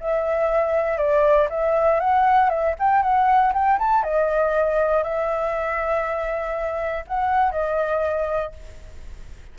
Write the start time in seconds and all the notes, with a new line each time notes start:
0.00 E5
0.98 D5
1.50 E5
2.00 F#5
2.50 E5
2.79 G5
3.03 F#5
3.53 G5
3.79 A5
4.03 D#5
5.03 E5
7.07 F#5
7.51 D#5